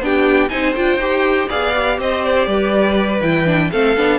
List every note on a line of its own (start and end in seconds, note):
0.00 0.49 B3
0.00 0.50 D4
0.00 0.51 G4
0.00 0.49 G5
0.49 0.76 C4
0.49 0.75 D#4
0.49 1.49 C5
0.49 0.74 G#5
0.76 0.97 D4
0.76 1.00 F4
0.76 1.49 G5
0.97 1.46 D#4
0.97 1.50 G4
1.49 1.99 B3
1.49 1.74 G#4
1.49 1.98 D5
1.49 1.99 F5
1.75 3.22 G4
1.99 2.47 C4
1.99 2.48 C5
1.99 2.25 D#5
2.25 3.22 D5
2.47 3.21 G3
2.47 3.71 B4
3.22 3.71 E3
3.22 3.46 E4
3.22 3.71 G5
3.46 3.71 D4
3.71 3.97 A3
3.71 3.97 C4
3.71 4.19 A4
3.71 4.19 F5
3.97 4.19 B3
3.97 4.19 D4